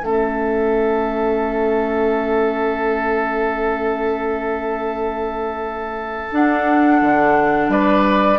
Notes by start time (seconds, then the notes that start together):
0.00 A3 C#4 A4 E5
6.32 D4 F#5
7.01 D3
7.68 G3 B4 D5